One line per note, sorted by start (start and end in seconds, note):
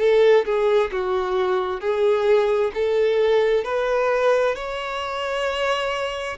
0.00 0.45 A4
0.45 0.91 G#4
0.92 1.81 F#4
1.81 2.72 G#4
2.75 3.64 A4
3.64 4.55 B4
4.56 6.38 C#5